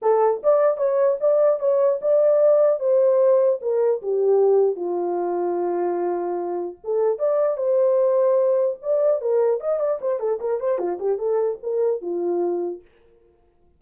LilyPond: \new Staff \with { instrumentName = "horn" } { \time 4/4 \tempo 4 = 150 a'4 d''4 cis''4 d''4 | cis''4 d''2 c''4~ | c''4 ais'4 g'2 | f'1~ |
f'4 a'4 d''4 c''4~ | c''2 d''4 ais'4 | dis''8 d''8 c''8 a'8 ais'8 c''8 f'8 g'8 | a'4 ais'4 f'2 | }